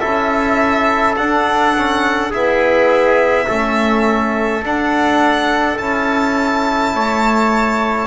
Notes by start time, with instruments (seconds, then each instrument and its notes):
0.00 double bass C#4, trombone E4, trumpet A4, violin E5
1.17 trombone D4, double bass D4, violin F#5
1.78 trombone C#4
2.31 trombone B3, double bass E4, trumpet G#4, violin E5
3.48 double bass A3, trombone C#4, trumpet A4
4.63 trombone D4, double bass D4, violin F#5
5.78 double bass C#4, trombone E4, violin A5
6.95 double bass A3, trumpet C#5